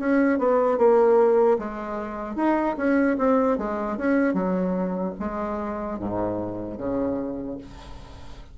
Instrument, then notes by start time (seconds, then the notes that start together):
bassoon
0.00 C#4
0.39 B3
0.78 A#3
1.59 G#3
2.36 D#4
2.77 C#4
3.18 C4
3.58 G#3
3.98 C#4
4.34 F#3
5.20 G#3
5.99 G#2
6.78 C#3